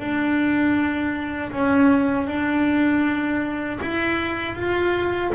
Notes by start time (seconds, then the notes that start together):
0.00 D4
1.52 C#4
2.28 D4
3.82 E4
4.56 F4